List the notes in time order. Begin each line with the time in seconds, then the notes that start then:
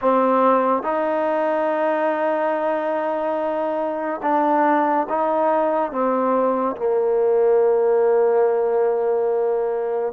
0.01 C4
0.83 D#4
4.22 D4
5.09 D#4
5.91 C4
6.76 A#3